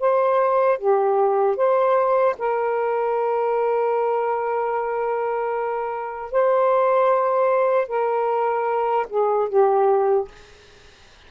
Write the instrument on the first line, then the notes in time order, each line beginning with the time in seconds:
saxophone
0.00 C5
0.79 G4
1.56 C5
2.38 A#4
6.32 C5
7.88 A#4
9.09 G#4
9.49 G4